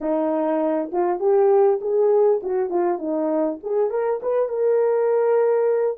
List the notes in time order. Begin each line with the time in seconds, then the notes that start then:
0.00 D#4
0.92 F4
1.19 G4
1.81 G#4
2.42 F#4
2.69 F4
2.98 D#4
3.63 G#4
3.90 A#4
4.22 B4
4.48 A#4